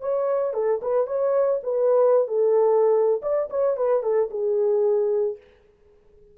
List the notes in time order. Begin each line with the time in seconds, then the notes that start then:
0.00 C#5
0.53 A4
0.82 B4
1.07 C#5
1.63 B4
2.27 A4
3.22 D5
3.50 C#5
3.77 B4
4.03 A4
4.30 G#4